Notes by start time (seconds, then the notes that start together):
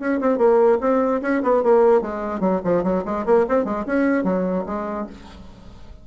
0.00 C#4
0.21 C4
0.38 A#3
0.81 C4
1.22 C#4
1.43 B3
1.64 A#3
2.02 G#3
2.41 F#3
2.65 F3
2.84 F#3
3.05 G#3
3.26 A#3
3.49 C4
3.65 G#3
3.87 C#4
4.24 F#3
4.67 G#3